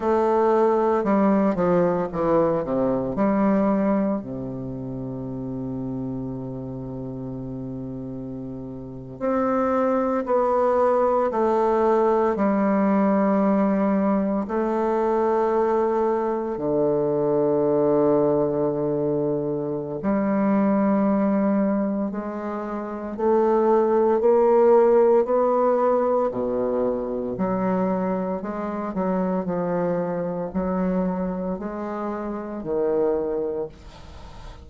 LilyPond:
\new Staff \with { instrumentName = "bassoon" } { \time 4/4 \tempo 4 = 57 a4 g8 f8 e8 c8 g4 | c1~ | c8. c'4 b4 a4 g16~ | g4.~ g16 a2 d16~ |
d2. g4~ | g4 gis4 a4 ais4 | b4 b,4 fis4 gis8 fis8 | f4 fis4 gis4 dis4 | }